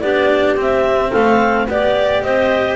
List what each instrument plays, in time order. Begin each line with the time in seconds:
0.00 double bass B3, cello D4, clarinet G4 D5
0.56 double bass C4, cello C4, clarinet E5
1.10 double bass A3, clarinet A4 F5
1.67 double bass B3, cello G4, clarinet D5
2.22 double bass C4, clarinet C5 D#5